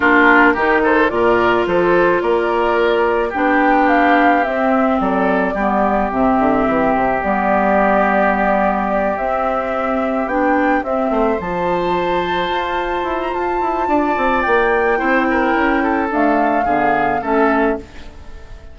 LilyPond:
<<
  \new Staff \with { instrumentName = "flute" } { \time 4/4 \tempo 4 = 108 ais'4. c''8 d''4 c''4 | d''2 g''4 f''4 | e''4 d''2 e''4~ | e''4 d''2.~ |
d''8 e''2 g''4 e''8~ | e''8 a''2.~ a''16 ais''16 | a''2 g''2~ | g''4 f''2 e''4 | }
  \new Staff \with { instrumentName = "oboe" } { \time 4/4 f'4 g'8 a'8 ais'4 a'4 | ais'2 g'2~ | g'4 a'4 g'2~ | g'1~ |
g'1 | c''1~ | c''4 d''2 c''8 ais'8~ | ais'8 a'4. gis'4 a'4 | }
  \new Staff \with { instrumentName = "clarinet" } { \time 4/4 d'4 dis'4 f'2~ | f'2 d'2 | c'2 b4 c'4~ | c'4 b2.~ |
b8 c'2 d'4 c'8~ | c'8 f'2.~ f'8~ | f'2. e'4~ | e'4 a4 b4 cis'4 | }
  \new Staff \with { instrumentName = "bassoon" } { \time 4/4 ais4 dis4 ais,4 f4 | ais2 b2 | c'4 fis4 g4 c8 d8 | e8 c8 g2.~ |
g8 c'2 b4 c'8 | a8 f2 f'4 e'8 | f'8 e'8 d'8 c'8 ais4 c'4 | cis'4 d'4 d4 a4 | }
>>